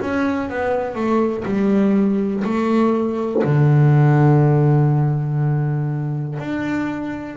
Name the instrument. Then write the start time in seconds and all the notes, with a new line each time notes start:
double bass
0.00 C#4
0.49 B3
0.94 A3
1.44 G3
2.44 A3
3.43 D3
6.38 D4